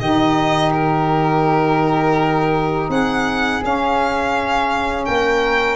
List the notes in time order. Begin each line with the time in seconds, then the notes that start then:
0.00 D#3 D#4 G4 D#5
0.74 A#4
2.89 C4 G#4 F#5
3.62 C#4 F5
5.05 A#3 A#4 G5